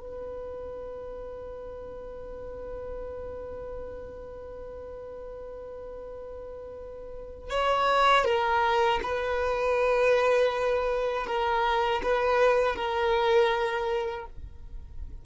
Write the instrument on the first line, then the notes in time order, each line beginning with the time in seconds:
violin
0.00 B4
7.50 C#5
8.25 A#4
9.03 B4
11.26 A#4
12.03 B4
12.75 A#4